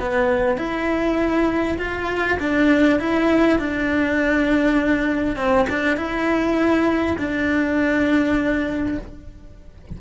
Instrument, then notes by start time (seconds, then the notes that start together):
cello
0.00 B3
0.58 E4
1.78 F4
2.40 D4
3.00 E4
3.59 D4
5.36 C4
5.70 D4
5.97 E4
7.18 D4